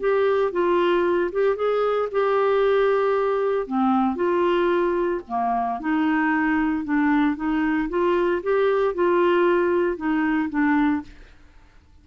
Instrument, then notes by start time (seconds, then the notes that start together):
clarinet
0.00 G4
0.52 F4
1.32 G4
1.56 G#4
2.12 G4
3.67 C4
4.16 F4
5.28 A#3
5.80 D#4
6.84 D4
7.36 D#4
7.89 F4
8.43 G4
8.94 F4
9.97 D#4
10.50 D4